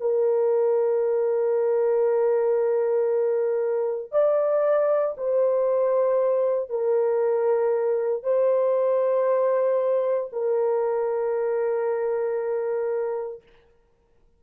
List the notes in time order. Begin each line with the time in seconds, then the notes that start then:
0.00 A#4
4.11 D5
5.17 C5
6.70 A#4
8.23 C5
10.32 A#4